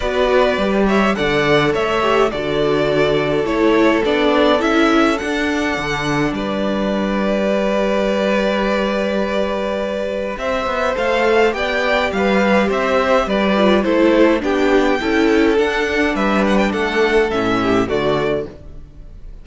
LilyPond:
<<
  \new Staff \with { instrumentName = "violin" } { \time 4/4 \tempo 4 = 104 d''4. e''8 fis''4 e''4 | d''2 cis''4 d''4 | e''4 fis''2 d''4~ | d''1~ |
d''2 e''4 f''4 | g''4 f''4 e''4 d''4 | c''4 g''2 fis''4 | e''8 fis''16 g''16 fis''4 e''4 d''4 | }
  \new Staff \with { instrumentName = "violin" } { \time 4/4 b'4. cis''8 d''4 cis''4 | a'1~ | a'2. b'4~ | b'1~ |
b'2 c''2 | d''4 b'4 c''4 b'4 | a'4 g'4 a'2 | b'4 a'4. g'8 fis'4 | }
  \new Staff \with { instrumentName = "viola" } { \time 4/4 fis'4 g'4 a'4. g'8 | fis'2 e'4 d'4 | e'4 d'2.~ | d'4 g'2.~ |
g'2. a'4 | g'2.~ g'8 f'8 | e'4 d'4 e'4 d'4~ | d'2 cis'4 a4 | }
  \new Staff \with { instrumentName = "cello" } { \time 4/4 b4 g4 d4 a4 | d2 a4 b4 | cis'4 d'4 d4 g4~ | g1~ |
g2 c'8 b8 a4 | b4 g4 c'4 g4 | a4 b4 cis'4 d'4 | g4 a4 a,4 d4 | }
>>